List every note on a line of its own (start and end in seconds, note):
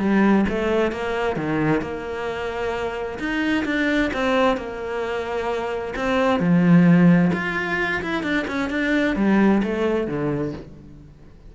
0.00 0.46 G3
0.49 0.92 A3
0.92 1.37 A#3
1.37 1.82 D#3
1.82 3.19 A#3
3.19 3.65 D#4
3.65 4.11 D4
4.14 4.57 C4
4.57 5.95 A#3
5.96 6.40 C4
6.40 7.32 F3
7.33 8.02 F4
8.03 8.23 E4
8.23 8.46 D4
8.48 8.70 C#4
8.70 9.16 D4
9.16 9.62 G3
9.63 10.08 A3
10.08 10.53 D3